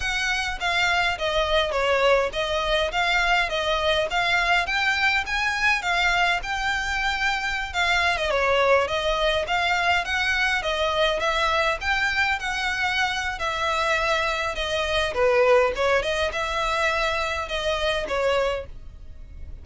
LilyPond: \new Staff \with { instrumentName = "violin" } { \time 4/4 \tempo 4 = 103 fis''4 f''4 dis''4 cis''4 | dis''4 f''4 dis''4 f''4 | g''4 gis''4 f''4 g''4~ | g''4~ g''16 f''8. dis''16 cis''4 dis''8.~ |
dis''16 f''4 fis''4 dis''4 e''8.~ | e''16 g''4 fis''4.~ fis''16 e''4~ | e''4 dis''4 b'4 cis''8 dis''8 | e''2 dis''4 cis''4 | }